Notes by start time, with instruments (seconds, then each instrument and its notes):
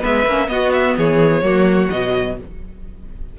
0.00 cello G#3, viola B3, violin B4 E5
0.25 cello A#3, viola C#4
0.47 viola B3, cello B3, violin F#4 D#5
0.72 violin E5
0.97 cello E3, violin G#4 C#5
1.41 cello F#3, viola A#3, violin F#4
1.89 cello B2, viola F#3, violin D#5